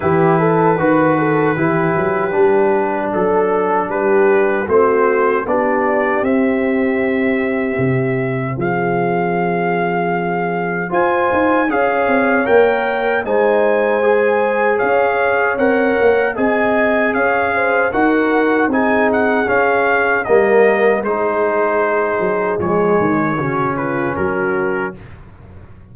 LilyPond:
<<
  \new Staff \with { instrumentName = "trumpet" } { \time 4/4 \tempo 4 = 77 b'1 | a'4 b'4 c''4 d''4 | e''2. f''4~ | f''2 gis''4 f''4 |
g''4 gis''2 f''4 | fis''4 gis''4 f''4 fis''4 | gis''8 fis''8 f''4 dis''4 c''4~ | c''4 cis''4. b'8 ais'4 | }
  \new Staff \with { instrumentName = "horn" } { \time 4/4 g'8 a'8 b'8 a'8 g'2 | a'4 g'4 fis'4 g'4~ | g'2. gis'4~ | gis'2 c''4 cis''4~ |
cis''4 c''2 cis''4~ | cis''4 dis''4 cis''8 c''8 ais'4 | gis'2 ais'4 gis'4~ | gis'2 fis'8 f'8 fis'4 | }
  \new Staff \with { instrumentName = "trombone" } { \time 4/4 e'4 fis'4 e'4 d'4~ | d'2 c'4 d'4 | c'1~ | c'2 f'4 gis'4 |
ais'4 dis'4 gis'2 | ais'4 gis'2 fis'4 | dis'4 cis'4 ais4 dis'4~ | dis'4 gis4 cis'2 | }
  \new Staff \with { instrumentName = "tuba" } { \time 4/4 e4 dis4 e8 fis8 g4 | fis4 g4 a4 b4 | c'2 c4 f4~ | f2 f'8 dis'8 cis'8 c'8 |
ais4 gis2 cis'4 | c'8 ais8 c'4 cis'4 dis'4 | c'4 cis'4 g4 gis4~ | gis8 fis8 f8 dis8 cis4 fis4 | }
>>